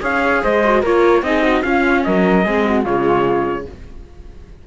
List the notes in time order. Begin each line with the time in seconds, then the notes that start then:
0.00 C#4 G#4 C#5 F5
0.43 G#3 C5 D#5
0.64 F#4
0.81 A#3 F4 A#4 C#5
1.22 C4 D#4 G#4 D#5
1.42 F#4
1.62 C#4 F4 F5
2.04 F#3 A#4 D#5
2.44 G#3 C4 G#4
2.65 F#4
2.84 C#3 G#3 F4 C#5